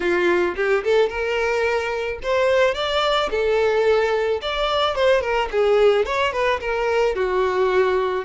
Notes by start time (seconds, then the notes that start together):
0.00 F4
0.56 G4
0.84 A4
1.09 A#4
2.22 C5
2.74 D5
3.30 A4
4.41 D5
4.95 C5
5.21 A#4
5.51 G#4
6.05 C#5
6.32 B4
6.60 A#4
7.15 F#4